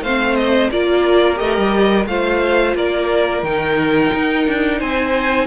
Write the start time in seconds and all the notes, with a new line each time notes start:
0.00 A3 C4 C5 F5
0.36 D#5
0.71 A#3 F4 A#4 D5
1.35 A3 G4 D#5
1.57 G3
2.05 A3 F4 C5 F5
2.74 A#3 A#4 D5
3.42 D#3 D#4 G5
4.13 D#4
4.47 D4
4.78 C4 C5 G#5